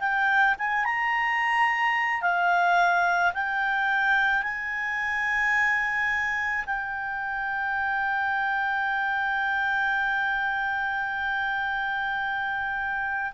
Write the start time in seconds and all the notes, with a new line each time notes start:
0.00 G5
0.59 G#5
0.85 A#5
2.22 F5
3.34 G5
4.43 G#5
6.66 G5